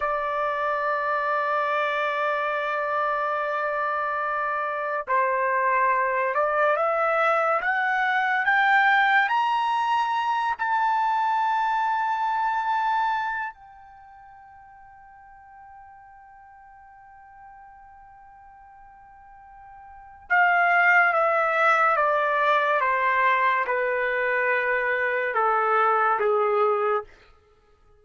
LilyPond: \new Staff \with { instrumentName = "trumpet" } { \time 4/4 \tempo 4 = 71 d''1~ | d''2 c''4. d''8 | e''4 fis''4 g''4 ais''4~ | ais''8 a''2.~ a''8 |
g''1~ | g''1 | f''4 e''4 d''4 c''4 | b'2 a'4 gis'4 | }